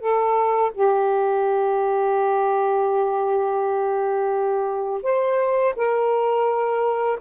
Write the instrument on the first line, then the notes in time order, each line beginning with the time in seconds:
saxophone
0.00 A4
0.74 G4
5.03 C5
5.76 A#4